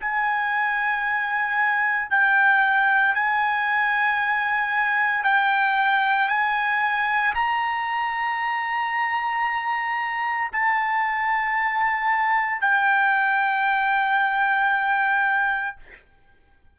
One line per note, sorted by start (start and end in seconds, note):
0.00 2.10 G#5
2.10 3.14 G5
3.14 5.23 G#5
5.23 6.28 G5
6.28 7.33 G#5
7.34 10.50 A#5
10.52 12.61 A5
12.61 15.77 G5